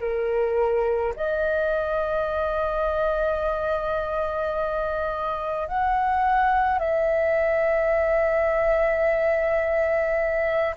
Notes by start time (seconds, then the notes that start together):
0.00 A#4
1.16 D#5
5.68 F#5
6.79 E5